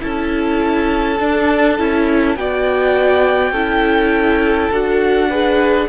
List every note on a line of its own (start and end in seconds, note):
0.00 1.20 C#4
0.00 1.18 E4
0.00 2.38 A4
0.00 2.36 A5
1.19 1.78 D4
1.19 1.79 D4
1.78 2.36 C#4
1.78 2.37 E4
2.36 3.52 B3
2.36 3.55 F#4
2.36 3.52 D5
2.36 4.72 G5
3.52 4.69 C#4
3.52 4.72 E4
3.52 5.29 A4
4.71 5.88 D4
4.71 5.30 F#4
4.71 5.89 F#5
5.29 5.89 G#4
5.29 5.88 B4